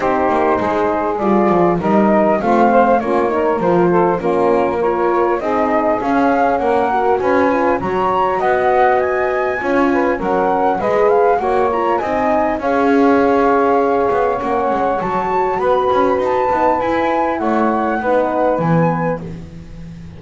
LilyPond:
<<
  \new Staff \with { instrumentName = "flute" } { \time 4/4 \tempo 4 = 100 c''2 d''4 dis''4 | f''4 cis''4 c''4 ais'4 | cis''4 dis''4 f''4 fis''4 | gis''4 ais''4 fis''4 gis''4~ |
gis''4 fis''4 dis''8 f''8 fis''8 ais''8 | gis''4 f''2. | fis''4 a''4 b''4 a''4 | gis''4 fis''2 gis''4 | }
  \new Staff \with { instrumentName = "saxophone" } { \time 4/4 g'4 gis'2 ais'4 | f'8 c''8 f'8 ais'4 a'8 f'4 | ais'4 gis'2 ais'4 | b'4 cis''4 dis''2 |
cis''8 b'8 ais'4 b'4 cis''4 | dis''4 cis''2.~ | cis''2 b'2~ | b'4 cis''4 b'2 | }
  \new Staff \with { instrumentName = "horn" } { \time 4/4 dis'2 f'4 dis'4 | c'4 cis'8 dis'8 f'4 cis'4 | f'4 dis'4 cis'4. fis'8~ | fis'8 f'8 fis'2. |
f'4 cis'4 gis'4 fis'8 f'8 | dis'4 gis'2. | cis'4 fis'2~ fis'8 dis'8 | e'2 dis'4 b4 | }
  \new Staff \with { instrumentName = "double bass" } { \time 4/4 c'8 ais8 gis4 g8 f8 g4 | a4 ais4 f4 ais4~ | ais4 c'4 cis'4 ais4 | cis'4 fis4 b2 |
cis'4 fis4 gis4 ais4 | c'4 cis'2~ cis'8 b8 | ais8 gis8 fis4 b8 cis'8 dis'8 b8 | e'4 a4 b4 e4 | }
>>